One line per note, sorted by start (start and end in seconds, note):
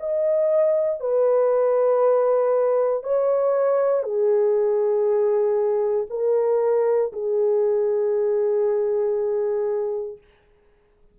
0.00 1.01 D#5
1.01 3.04 B4
3.04 4.03 C#5
4.03 6.06 G#4
6.10 7.12 A#4
7.13 10.18 G#4